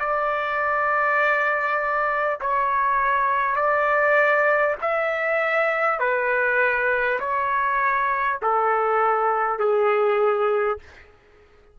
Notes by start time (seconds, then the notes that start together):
0.00 D5
2.41 C#5
3.56 D5
4.82 E5
5.99 B4
7.19 C#5
8.42 A4
9.59 G#4